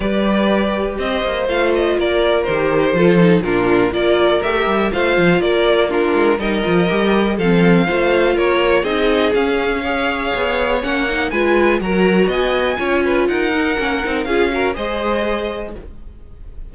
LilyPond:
<<
  \new Staff \with { instrumentName = "violin" } { \time 4/4 \tempo 4 = 122 d''2 dis''4 f''8 dis''8 | d''4 c''2 ais'4 | d''4 e''4 f''4 d''4 | ais'4 dis''2 f''4~ |
f''4 cis''4 dis''4 f''4~ | f''2 fis''4 gis''4 | ais''4 gis''2 fis''4~ | fis''4 f''4 dis''2 | }
  \new Staff \with { instrumentName = "violin" } { \time 4/4 b'2 c''2 | ais'2 a'4 f'4 | ais'2 c''4 ais'4 | f'4 ais'2 a'4 |
c''4 ais'4 gis'2 | cis''2. b'4 | ais'4 dis''4 cis''8 b'8 ais'4~ | ais'4 gis'8 ais'8 c''2 | }
  \new Staff \with { instrumentName = "viola" } { \time 4/4 g'2. f'4~ | f'4 g'4 f'8 dis'8 d'4 | f'4 g'4 f'2 | d'4 dis'8 f'8 g'4 c'4 |
f'2 dis'4 cis'4 | gis'2 cis'8 dis'8 f'4 | fis'2 f'4. dis'8 | cis'8 dis'8 f'8 fis'8 gis'2 | }
  \new Staff \with { instrumentName = "cello" } { \time 4/4 g2 c'8 ais8 a4 | ais4 dis4 f4 ais,4 | ais4 a8 g8 a8 f8 ais4~ | ais8 gis8 g8 f8 g4 f4 |
a4 ais4 c'4 cis'4~ | cis'4 b4 ais4 gis4 | fis4 b4 cis'4 dis'4 | ais8 c'8 cis'4 gis2 | }
>>